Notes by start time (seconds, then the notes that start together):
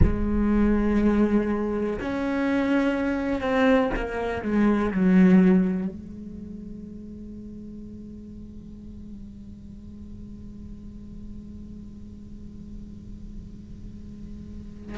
0.03 G#3
2.00 C#4
3.41 C4
3.96 A#3
4.42 G#3
4.91 F#3
5.87 G#3